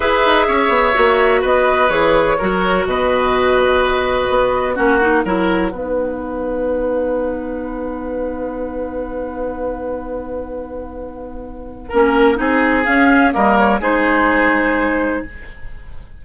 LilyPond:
<<
  \new Staff \with { instrumentName = "flute" } { \time 4/4 \tempo 4 = 126 e''2. dis''4 | cis''2 dis''2~ | dis''2 fis''2~ | fis''1~ |
fis''1~ | fis''1~ | fis''2. f''4 | dis''8 cis''8 c''2. | }
  \new Staff \with { instrumentName = "oboe" } { \time 4/4 b'4 cis''2 b'4~ | b'4 ais'4 b'2~ | b'2 fis'4 ais'4 | b'1~ |
b'1~ | b'1~ | b'4 ais'4 gis'2 | ais'4 gis'2. | }
  \new Staff \with { instrumentName = "clarinet" } { \time 4/4 gis'2 fis'2 | gis'4 fis'2.~ | fis'2 cis'8 dis'8 e'4 | dis'1~ |
dis'1~ | dis'1~ | dis'4 cis'4 dis'4 cis'4 | ais4 dis'2. | }
  \new Staff \with { instrumentName = "bassoon" } { \time 4/4 e'8 dis'8 cis'8 b8 ais4 b4 | e4 fis4 b,2~ | b,4 b4 ais4 fis4 | b1~ |
b1~ | b1~ | b4 ais4 c'4 cis'4 | g4 gis2. | }
>>